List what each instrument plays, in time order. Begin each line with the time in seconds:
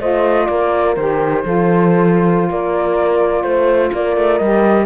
0.00 cello A3, saxophone F4, horn C5, flute D#5
0.47 cello A#3, horn A#4, flute D5
0.96 cello D#3, saxophone G4, flute C5
1.44 cello F3, saxophone F4, horn A4
2.50 cello A#3, horn A#4, flute D5
3.43 cello A3, flute C5, horn C5
3.93 cello A#3, horn A#4, flute D5
4.17 cello A3
4.38 cello G3, saxophone G4, flute D#5